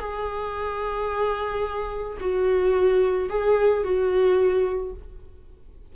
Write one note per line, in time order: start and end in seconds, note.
0.00 2.18 G#4
2.20 3.30 F#4
3.30 3.84 G#4
3.84 4.93 F#4